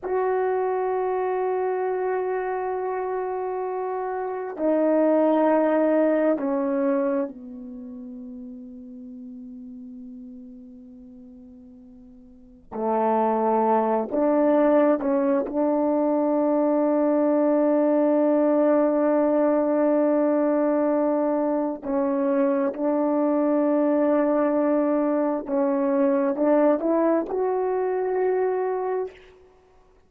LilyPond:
\new Staff \with { instrumentName = "horn" } { \time 4/4 \tempo 4 = 66 fis'1~ | fis'4 dis'2 cis'4 | b1~ | b2 a4. d'8~ |
d'8 cis'8 d'2.~ | d'1 | cis'4 d'2. | cis'4 d'8 e'8 fis'2 | }